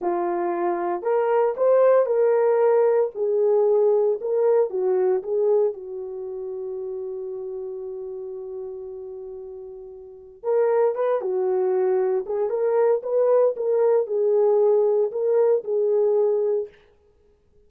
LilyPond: \new Staff \with { instrumentName = "horn" } { \time 4/4 \tempo 4 = 115 f'2 ais'4 c''4 | ais'2 gis'2 | ais'4 fis'4 gis'4 fis'4~ | fis'1~ |
fis'1 | ais'4 b'8 fis'2 gis'8 | ais'4 b'4 ais'4 gis'4~ | gis'4 ais'4 gis'2 | }